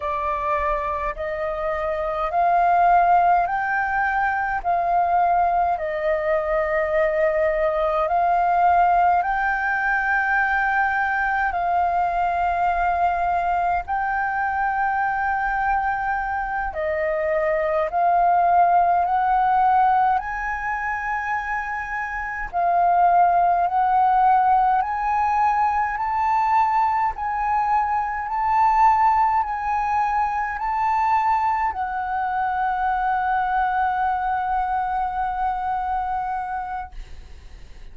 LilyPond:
\new Staff \with { instrumentName = "flute" } { \time 4/4 \tempo 4 = 52 d''4 dis''4 f''4 g''4 | f''4 dis''2 f''4 | g''2 f''2 | g''2~ g''8 dis''4 f''8~ |
f''8 fis''4 gis''2 f''8~ | f''8 fis''4 gis''4 a''4 gis''8~ | gis''8 a''4 gis''4 a''4 fis''8~ | fis''1 | }